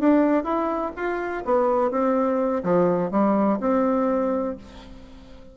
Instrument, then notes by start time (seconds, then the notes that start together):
bassoon
0.00 D4
0.44 E4
0.97 F4
1.45 B3
1.91 C4
2.64 F3
3.11 G3
3.61 C4